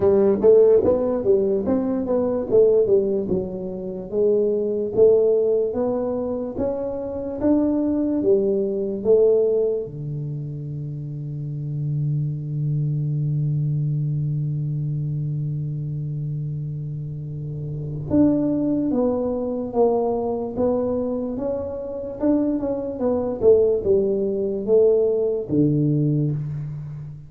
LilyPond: \new Staff \with { instrumentName = "tuba" } { \time 4/4 \tempo 4 = 73 g8 a8 b8 g8 c'8 b8 a8 g8 | fis4 gis4 a4 b4 | cis'4 d'4 g4 a4 | d1~ |
d1~ | d2 d'4 b4 | ais4 b4 cis'4 d'8 cis'8 | b8 a8 g4 a4 d4 | }